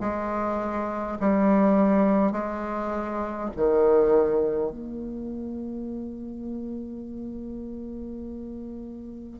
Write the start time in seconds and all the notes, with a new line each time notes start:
0.00 G#3
1.20 G3
2.32 G#3
3.56 D#3
4.71 A#3